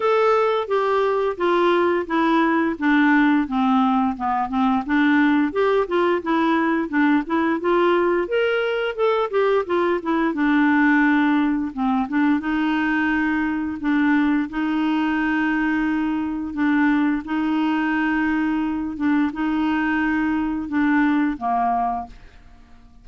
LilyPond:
\new Staff \with { instrumentName = "clarinet" } { \time 4/4 \tempo 4 = 87 a'4 g'4 f'4 e'4 | d'4 c'4 b8 c'8 d'4 | g'8 f'8 e'4 d'8 e'8 f'4 | ais'4 a'8 g'8 f'8 e'8 d'4~ |
d'4 c'8 d'8 dis'2 | d'4 dis'2. | d'4 dis'2~ dis'8 d'8 | dis'2 d'4 ais4 | }